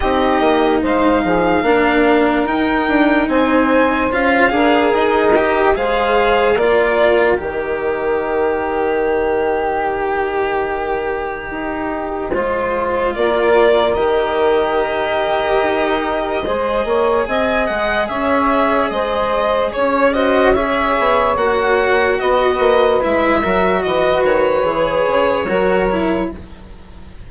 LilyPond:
<<
  \new Staff \with { instrumentName = "violin" } { \time 4/4 \tempo 4 = 73 dis''4 f''2 g''4 | gis''4 f''4 dis''4 f''4 | d''4 dis''2.~ | dis''1 |
d''4 dis''2.~ | dis''4 gis''8 fis''8 e''4 dis''4 | cis''8 dis''8 e''4 fis''4 dis''4 | e''4 dis''8 cis''2~ cis''8 | }
  \new Staff \with { instrumentName = "saxophone" } { \time 4/4 g'4 c''8 gis'8 ais'2 | c''4. ais'4. c''4 | ais'1~ | ais'2. c''4 |
ais'1 | c''8 cis''8 dis''4 cis''4 c''4 | cis''8 c''8 cis''2 b'4~ | b'8 ais'8 b'2 ais'4 | }
  \new Staff \with { instrumentName = "cello" } { \time 4/4 dis'2 d'4 dis'4~ | dis'4 f'8 gis'4 g'8 gis'4 | f'4 g'2.~ | g'2. f'4~ |
f'4 g'2. | gis'1~ | gis'8 fis'8 gis'4 fis'2 | e'8 fis'4. gis'4 fis'8 e'8 | }
  \new Staff \with { instrumentName = "bassoon" } { \time 4/4 c'8 ais8 gis8 f8 ais4 dis'8 d'8 | c'4 cis'8 d'8 dis'4 gis4 | ais4 dis2.~ | dis2 dis'4 gis4 |
ais4 dis2 dis'4 | gis8 ais8 c'8 gis8 cis'4 gis4 | cis'4. b8 ais4 b8 ais8 | gis8 fis8 e8 dis8 e8 cis8 fis4 | }
>>